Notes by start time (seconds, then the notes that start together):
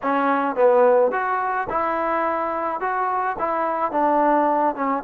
0.02 C#4
0.55 B3
1.11 F#4
1.69 E4
2.80 F#4
3.38 E4
3.91 D4
4.75 C#4